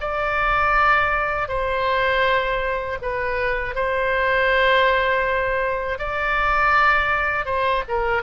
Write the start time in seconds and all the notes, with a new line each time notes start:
0.00 D5
1.48 C5
3.02 B4
3.75 C5
5.98 D5
7.46 C5
7.88 A#4